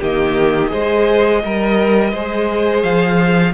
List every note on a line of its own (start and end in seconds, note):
0.00 0.72 D#3
0.00 0.69 A#3
0.00 0.71 G4
0.00 2.82 D#5
0.69 1.44 G#3
0.69 1.40 G#4
0.69 1.42 C5
1.45 2.13 G3
1.45 2.15 A#4
1.45 2.11 A#4
2.11 2.84 G#3
2.11 3.54 G#4
2.11 3.52 C5
2.82 3.54 F3
2.82 3.53 F5